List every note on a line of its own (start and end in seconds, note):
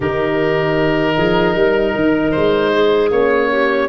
0.00 1.16 D#3
0.00 3.11 D#4
0.00 1.14 G4
0.00 2.31 A#4
1.16 1.55 F3
1.16 1.55 G#4
1.55 1.94 G3
1.55 2.72 A#4
1.95 2.34 D#3
2.31 3.10 G#3
2.31 3.09 C5
2.72 3.50 G#4
3.10 3.88 A#3
3.10 3.88 C#4
3.10 3.88 C#5
3.50 3.88 G4